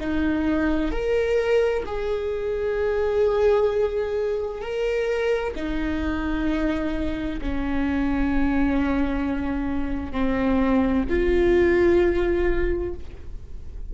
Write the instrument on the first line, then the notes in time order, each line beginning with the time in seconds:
viola
0.00 D#4
0.91 A#4
1.85 G#4
4.62 A#4
5.56 D#4
7.41 C#4
10.12 C4
11.09 F4